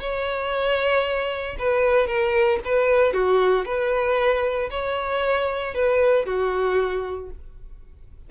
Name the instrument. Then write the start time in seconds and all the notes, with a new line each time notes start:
violin
0.00 C#5
1.59 B4
2.07 A#4
2.65 B4
3.13 F#4
3.65 B4
4.71 C#5
5.75 B4
6.26 F#4